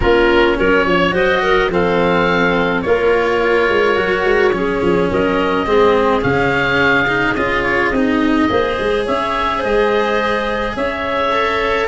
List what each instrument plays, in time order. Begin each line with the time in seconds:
0.00 tuba A#3, cello C#4, clarinet F4, oboe A#4
0.57 tuba F#3, clarinet A#4, oboe C#5
0.85 tuba F3, clarinet C#5
1.11 tuba F#3, cello F#4, clarinet C5, oboe D#5
1.42 clarinet A#4
1.69 tuba F3, cello C4, clarinet A4, oboe F5
2.81 tuba A#3, cello F4, clarinet A#4, oboe C#5
3.68 tuba G#3
3.94 tuba F#3, cello F#4
4.24 tuba G#3
4.52 tuba F#3, cello C#4, clarinet G#4
4.82 tuba F3
5.10 tuba F#3, clarinet A#4, oboe D#5
5.66 tuba G#3, cello C4, clarinet G#4
6.21 tuba C#3, cello C#4, oboe F5
7.07 cello D#4
7.34 tuba C#4, cello F4, oboe D#5
7.62 oboe C#5
7.90 tuba C4, cello D#4, oboe D#5
8.49 tuba A#3, cello G#4, clarinet C5
8.79 tuba G#3
9.05 tuba C#4, clarinet C#5, oboe E5
9.58 tuba G#3, clarinet C5, oboe D#5
10.76 tuba C#4, clarinet C#5, oboe E5
11.31 cello A4